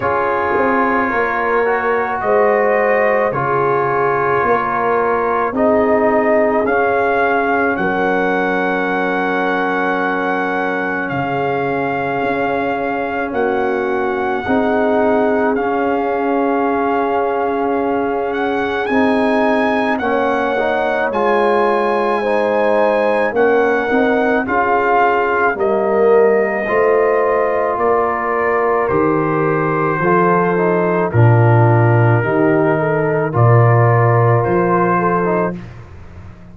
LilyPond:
<<
  \new Staff \with { instrumentName = "trumpet" } { \time 4/4 \tempo 4 = 54 cis''2 dis''4 cis''4~ | cis''4 dis''4 f''4 fis''4~ | fis''2 f''2 | fis''2 f''2~ |
f''8 fis''8 gis''4 fis''4 gis''4~ | gis''4 fis''4 f''4 dis''4~ | dis''4 d''4 c''2 | ais'2 d''4 c''4 | }
  \new Staff \with { instrumentName = "horn" } { \time 4/4 gis'4 ais'4 c''4 gis'4 | ais'4 gis'2 ais'4~ | ais'2 gis'2 | fis'4 gis'2.~ |
gis'2 cis''2 | c''4 ais'4 gis'4 ais'4 | c''4 ais'2 a'4 | f'4 g'8 a'8 ais'4. a'8 | }
  \new Staff \with { instrumentName = "trombone" } { \time 4/4 f'4. fis'4. f'4~ | f'4 dis'4 cis'2~ | cis'1~ | cis'4 dis'4 cis'2~ |
cis'4 dis'4 cis'8 dis'8 f'4 | dis'4 cis'8 dis'8 f'4 ais4 | f'2 g'4 f'8 dis'8 | d'4 dis'4 f'4.~ f'16 dis'16 | }
  \new Staff \with { instrumentName = "tuba" } { \time 4/4 cis'8 c'8 ais4 gis4 cis4 | ais4 c'4 cis'4 fis4~ | fis2 cis4 cis'4 | ais4 c'4 cis'2~ |
cis'4 c'4 ais4 gis4~ | gis4 ais8 c'8 cis'4 g4 | a4 ais4 dis4 f4 | ais,4 dis4 ais,4 f4 | }
>>